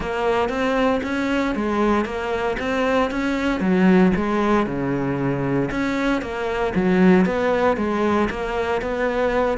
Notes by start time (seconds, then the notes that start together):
0.00 A#3
0.49 C4
1.03 C#4
1.55 G#3
2.05 A#3
2.59 C4
3.10 C#4
3.60 F#3
4.15 G#3
4.66 C#3
5.70 C#4
6.21 A#3
6.75 F#3
7.25 B3
7.77 G#3
8.29 A#3
8.81 B3